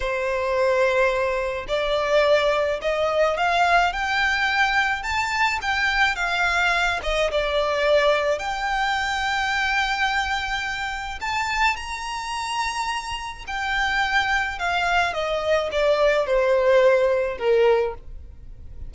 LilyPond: \new Staff \with { instrumentName = "violin" } { \time 4/4 \tempo 4 = 107 c''2. d''4~ | d''4 dis''4 f''4 g''4~ | g''4 a''4 g''4 f''4~ | f''8 dis''8 d''2 g''4~ |
g''1 | a''4 ais''2. | g''2 f''4 dis''4 | d''4 c''2 ais'4 | }